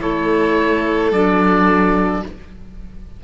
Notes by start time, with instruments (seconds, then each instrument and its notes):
0.00 cello A3, clarinet E4, violin A4, oboe C#5
1.11 cello F#3, clarinet D4, oboe D5